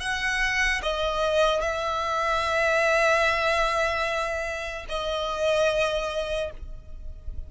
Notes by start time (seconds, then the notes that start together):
0.00 F#5
0.82 D#5
1.61 E5
4.88 D#5